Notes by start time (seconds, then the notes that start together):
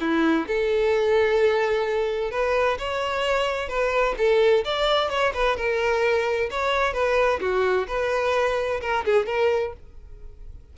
0.00 E4
0.47 A4
2.31 B4
2.78 C#5
3.68 B4
4.18 A4
4.64 D5
5.10 C#5
5.34 B4
5.57 A#4
6.51 C#5
6.93 B4
7.40 F#4
7.88 B4
8.81 A#4
9.05 G#4
9.26 A#4